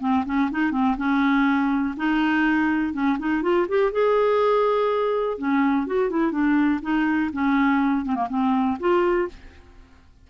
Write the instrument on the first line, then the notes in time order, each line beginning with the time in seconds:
clarinet
0.00 C4
0.25 C#4
0.51 D#4
0.72 C4
0.97 C#4
1.97 D#4
2.93 C#4
3.19 D#4
3.42 F4
3.68 G4
3.92 G#4
5.38 C#4
5.87 F#4
6.10 E4
6.32 D4
6.82 D#4
7.33 C#4
8.05 C4
8.15 A#3
8.29 C4
8.80 F4